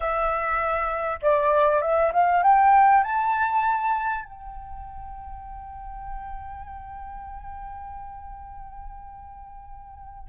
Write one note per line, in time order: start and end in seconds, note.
0.00 1.18 E5
1.21 1.81 D5
1.81 2.12 E5
2.12 2.42 F5
2.42 3.03 G5
3.03 4.24 A5
4.24 10.29 G5